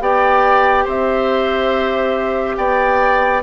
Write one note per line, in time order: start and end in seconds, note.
0.00 0.86 B3
0.00 3.43 G4
0.00 0.85 D5
0.00 0.87 G5
0.85 2.57 C4
0.85 2.56 C5
0.85 2.56 E5
2.56 3.43 B3
2.56 3.43 D5
2.56 3.42 G5